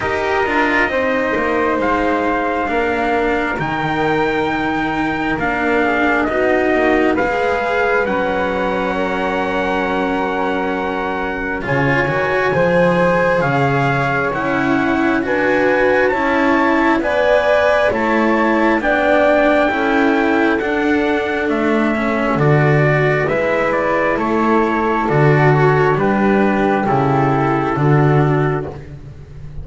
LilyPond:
<<
  \new Staff \with { instrumentName = "trumpet" } { \time 4/4 \tempo 4 = 67 dis''2 f''2 | g''2 f''4 dis''4 | f''4 fis''2.~ | fis''4 gis''2 f''4 |
fis''4 gis''4 a''4 gis''4 | a''4 g''2 fis''4 | e''4 d''4 e''8 d''8 cis''4 | d''8 cis''8 b'4 a'2 | }
  \new Staff \with { instrumentName = "flute" } { \time 4/4 ais'4 c''2 ais'4~ | ais'2~ ais'8 gis'8 fis'4 | b'2 ais'2~ | ais'4 cis''4 c''4 cis''4~ |
cis''4 b'4 cis''4 d''4 | cis''4 d''4 a'2~ | a'2 b'4 a'4~ | a'4 g'2 fis'4 | }
  \new Staff \with { instrumentName = "cello" } { \time 4/4 g'8 f'8 dis'2 d'4 | dis'2 d'4 dis'4 | gis'4 cis'2.~ | cis'4 f'8 fis'8 gis'2 |
e'4 fis'4 e'4 b'4 | e'4 d'4 e'4 d'4~ | d'8 cis'8 fis'4 e'2 | fis'4 d'4 e'4 d'4 | }
  \new Staff \with { instrumentName = "double bass" } { \time 4/4 dis'8 d'8 c'8 ais8 gis4 ais4 | dis2 ais4 b8 ais8 | gis4 fis2.~ | fis4 cis8 dis8 f4 cis4 |
cis'4 d'4 cis'4 b4 | a4 b4 cis'4 d'4 | a4 d4 gis4 a4 | d4 g4 cis4 d4 | }
>>